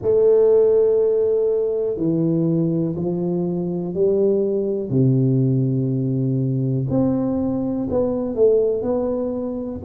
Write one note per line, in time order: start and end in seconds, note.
0.01 1.97 A3
1.97 2.95 E3
2.96 3.93 F3
3.93 4.90 G3
4.90 6.86 C3
6.89 7.87 C4
7.90 8.35 B3
8.35 8.82 A3
8.82 9.80 B3